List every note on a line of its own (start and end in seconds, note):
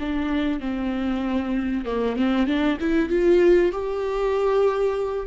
0.00 0.61 D4
0.61 1.86 C4
1.86 2.17 A#3
2.17 2.47 C4
2.47 2.78 D4
2.80 3.10 E4
3.10 3.72 F4
3.72 5.27 G4